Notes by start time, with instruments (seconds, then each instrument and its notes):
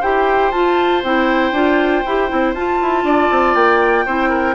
0.00 bassoon E4, clarinet G4, oboe C5, flute G5
0.51 bassoon F4, clarinet F4, flute A5
1.03 bassoon C4, clarinet E4, flute G5
1.51 bassoon D4, clarinet F4
2.06 bassoon E4, clarinet G4
2.29 bassoon C4, clarinet E4
2.54 bassoon F4, clarinet F4, flute A5
2.81 bassoon E4
3.04 bassoon D4, oboe D5
3.31 bassoon C4
3.55 bassoon A#3, flute G5
4.06 bassoon C4, clarinet E4, oboe C5
4.29 oboe A#4